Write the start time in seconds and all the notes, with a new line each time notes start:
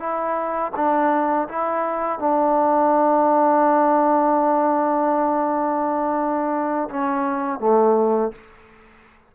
0.00 E4
0.76 D4
1.49 E4
2.19 D4
6.90 C#4
7.60 A3